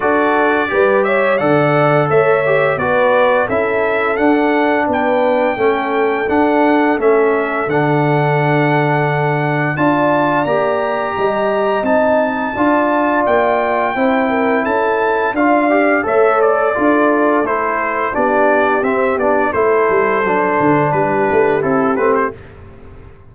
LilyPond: <<
  \new Staff \with { instrumentName = "trumpet" } { \time 4/4 \tempo 4 = 86 d''4. e''8 fis''4 e''4 | d''4 e''4 fis''4 g''4~ | g''4 fis''4 e''4 fis''4~ | fis''2 a''4 ais''4~ |
ais''4 a''2 g''4~ | g''4 a''4 f''4 e''8 d''8~ | d''4 c''4 d''4 e''8 d''8 | c''2 b'4 a'8 b'16 c''16 | }
  \new Staff \with { instrumentName = "horn" } { \time 4/4 a'4 b'8 cis''8 d''4 cis''4 | b'4 a'2 b'4 | a'1~ | a'2 d''2 |
dis''2 d''2 | c''8 ais'8 a'4 d''4 cis''4 | a'2 g'2 | a'2 g'2 | }
  \new Staff \with { instrumentName = "trombone" } { \time 4/4 fis'4 g'4 a'4. g'8 | fis'4 e'4 d'2 | cis'4 d'4 cis'4 d'4~ | d'2 f'4 g'4~ |
g'4 dis'4 f'2 | e'2 f'8 g'8 a'4 | f'4 e'4 d'4 c'8 d'8 | e'4 d'2 e'8 c'8 | }
  \new Staff \with { instrumentName = "tuba" } { \time 4/4 d'4 g4 d4 a4 | b4 cis'4 d'4 b4 | a4 d'4 a4 d4~ | d2 d'4 ais4 |
g4 c'4 d'4 ais4 | c'4 cis'4 d'4 a4 | d'4 a4 b4 c'8 b8 | a8 g8 fis8 d8 g8 a8 c'8 a8 | }
>>